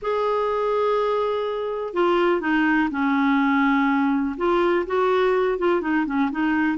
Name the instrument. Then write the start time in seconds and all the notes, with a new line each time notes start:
clarinet
0.02 G#4
1.93 F4
2.40 D#4
2.90 C#4
4.37 F4
4.86 F#4
5.58 F4
5.81 D#4
6.06 C#4
6.31 D#4